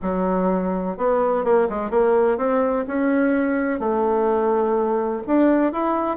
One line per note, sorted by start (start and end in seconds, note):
0.02 0.97 F#3
0.97 1.44 B3
1.44 1.68 A#3
1.69 1.90 G#3
1.90 2.37 A#3
2.37 2.85 C4
2.87 3.79 C#4
3.79 5.22 A3
5.27 5.72 D4
5.72 6.17 E4